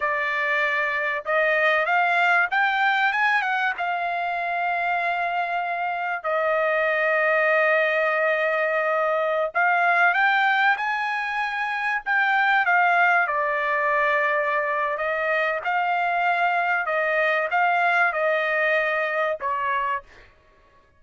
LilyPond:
\new Staff \with { instrumentName = "trumpet" } { \time 4/4 \tempo 4 = 96 d''2 dis''4 f''4 | g''4 gis''8 fis''8 f''2~ | f''2 dis''2~ | dis''2.~ dis''16 f''8.~ |
f''16 g''4 gis''2 g''8.~ | g''16 f''4 d''2~ d''8. | dis''4 f''2 dis''4 | f''4 dis''2 cis''4 | }